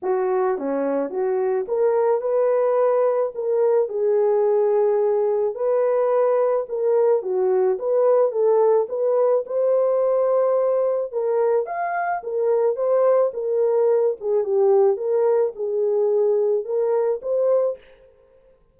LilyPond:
\new Staff \with { instrumentName = "horn" } { \time 4/4 \tempo 4 = 108 fis'4 cis'4 fis'4 ais'4 | b'2 ais'4 gis'4~ | gis'2 b'2 | ais'4 fis'4 b'4 a'4 |
b'4 c''2. | ais'4 f''4 ais'4 c''4 | ais'4. gis'8 g'4 ais'4 | gis'2 ais'4 c''4 | }